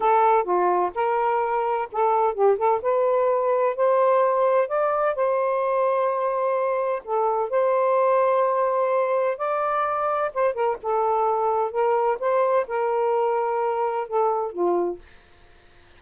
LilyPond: \new Staff \with { instrumentName = "saxophone" } { \time 4/4 \tempo 4 = 128 a'4 f'4 ais'2 | a'4 g'8 a'8 b'2 | c''2 d''4 c''4~ | c''2. a'4 |
c''1 | d''2 c''8 ais'8 a'4~ | a'4 ais'4 c''4 ais'4~ | ais'2 a'4 f'4 | }